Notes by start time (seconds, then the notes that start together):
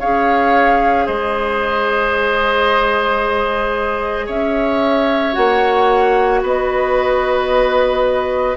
0.00 C#4 G#4 C#5 F5
1.06 G#3 C5 D#5
4.26 C#4 C#5 E5
5.33 A#3 F#4 F#5
6.42 B3 B4 D#5